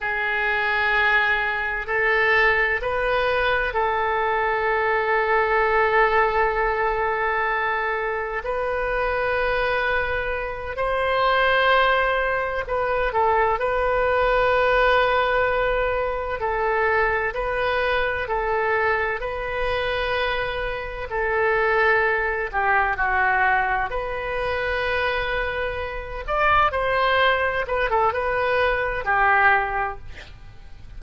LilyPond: \new Staff \with { instrumentName = "oboe" } { \time 4/4 \tempo 4 = 64 gis'2 a'4 b'4 | a'1~ | a'4 b'2~ b'8 c''8~ | c''4. b'8 a'8 b'4.~ |
b'4. a'4 b'4 a'8~ | a'8 b'2 a'4. | g'8 fis'4 b'2~ b'8 | d''8 c''4 b'16 a'16 b'4 g'4 | }